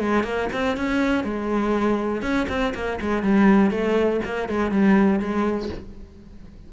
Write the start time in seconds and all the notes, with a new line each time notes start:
0.00 G#3
0.24 A#3
0.53 C4
0.77 C#4
1.24 G#3
2.22 C#4
2.49 C4
2.75 A#3
3.01 G#3
3.23 G3
3.71 A3
4.25 A#3
4.49 G#3
4.72 G3
5.20 G#3